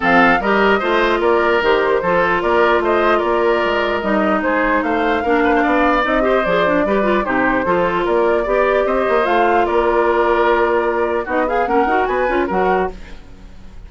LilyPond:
<<
  \new Staff \with { instrumentName = "flute" } { \time 4/4 \tempo 4 = 149 f''4 dis''2 d''4 | c''2 d''4 dis''4 | d''2 dis''4 c''4 | f''2. dis''4 |
d''2 c''2 | d''2 dis''4 f''4 | d''1 | dis''8 f''8 fis''4 gis''4 fis''4 | }
  \new Staff \with { instrumentName = "oboe" } { \time 4/4 a'4 ais'4 c''4 ais'4~ | ais'4 a'4 ais'4 c''4 | ais'2. gis'4 | c''4 ais'8 b'16 c''16 d''4. c''8~ |
c''4 b'4 g'4 a'4 | ais'4 d''4 c''2 | ais'1 | fis'8 gis'8 ais'4 b'4 ais'4 | }
  \new Staff \with { instrumentName = "clarinet" } { \time 4/4 c'4 g'4 f'2 | g'4 f'2.~ | f'2 dis'2~ | dis'4 d'2 dis'8 g'8 |
gis'8 d'8 g'8 f'8 dis'4 f'4~ | f'4 g'2 f'4~ | f'1 | dis'8 gis'8 cis'8 fis'4 f'8 fis'4 | }
  \new Staff \with { instrumentName = "bassoon" } { \time 4/4 f4 g4 a4 ais4 | dis4 f4 ais4 a4 | ais4 gis4 g4 gis4 | a4 ais4 b4 c'4 |
f4 g4 c4 f4 | ais4 b4 c'8 ais8 a4 | ais1 | b4 ais8 dis'8 b8 cis'8 fis4 | }
>>